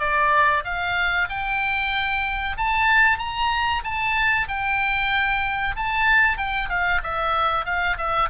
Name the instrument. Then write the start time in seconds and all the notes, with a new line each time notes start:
oboe
0.00 D5
0.65 F5
1.29 G5
2.58 A5
3.19 A#5
3.84 A5
4.49 G5
5.76 A5
6.38 G5
6.70 F5
7.04 E5
7.66 F5
7.98 E5